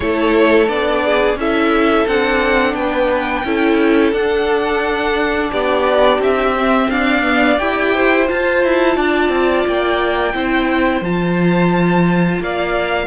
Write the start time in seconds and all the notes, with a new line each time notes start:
0.00 A3 E4 A4 C#5
0.68 B3 D4 D5
1.04 G#4
1.35 C#4 E4 A4 E5
2.07 C4 D4 F#5
2.74 B3 B4 G5
3.44 C#4 E4 A4
4.12 D4 F#5
5.50 B3 G4 D5
6.18 C4 E5
6.57 C4
6.90 D4 D5 F5
7.22 B3
7.58 E4 G4 G5
7.94 C5
8.25 F4 A5
8.64 E4
8.96 D4 D5
9.29 C4
9.67 A#3 G5
10.33 C4 E4 C5
11.01 F3 F4 A5
12.40 A#3 D5 F5